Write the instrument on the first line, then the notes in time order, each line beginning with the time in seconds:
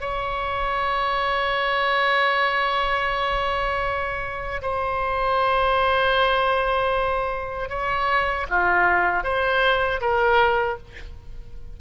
oboe
0.00 C#5
4.62 C5
7.69 C#5
8.49 F4
9.23 C5
10.00 A#4